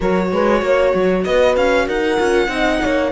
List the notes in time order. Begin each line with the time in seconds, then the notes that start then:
0.00 F#3 F#4 A#4 C#5
0.32 G#3 B4
0.60 A#3 C#5
0.94 F#3
1.24 B3 B4 D#5
1.56 C#4 F5
1.86 D#4 A#4 F#5
2.16 C#4 F4
2.48 C4 D#4 D#5
2.82 A#3 C#5